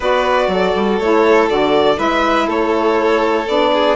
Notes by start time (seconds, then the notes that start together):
0.00 B3 F#4 B4 D5
0.47 F#3 A4
0.75 G3
0.99 A3 E4 C#5
1.49 D3 F#4 D5
1.94 G#3 E4 B4 E5
2.46 A3 A4 C#5
3.48 B3 D4 D5
3.73 G#4